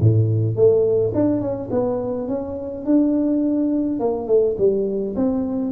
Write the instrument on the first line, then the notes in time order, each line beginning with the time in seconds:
tuba
0.00 A2
0.56 A3
1.15 D4
1.41 C#4
1.71 B3
2.28 C#4
2.85 D4
3.99 A#3
4.27 A3
4.58 G3
5.16 C4